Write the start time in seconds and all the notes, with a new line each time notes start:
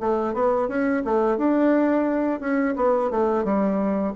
0.00 A3
0.34 B3
0.68 C#4
1.04 A3
1.37 D4
2.40 C#4
2.76 B3
3.10 A3
3.44 G3